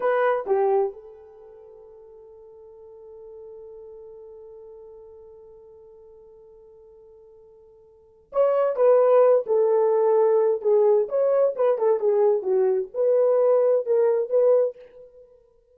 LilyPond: \new Staff \with { instrumentName = "horn" } { \time 4/4 \tempo 4 = 130 b'4 g'4 a'2~ | a'1~ | a'1~ | a'1~ |
a'2 cis''4 b'4~ | b'8 a'2~ a'8 gis'4 | cis''4 b'8 a'8 gis'4 fis'4 | b'2 ais'4 b'4 | }